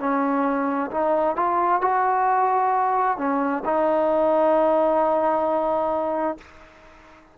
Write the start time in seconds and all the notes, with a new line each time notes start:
0.00 C#4
0.91 D#4
1.36 F4
1.81 F#4
3.18 C#4
3.65 D#4